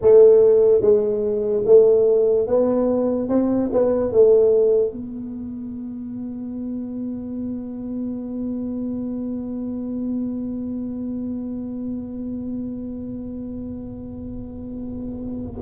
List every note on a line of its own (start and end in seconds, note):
0.01 0.81 A3
0.81 1.63 G#3
1.65 2.47 A3
2.47 3.29 B3
3.29 3.70 C4
3.72 4.11 B3
4.11 4.92 A3
4.92 15.60 B3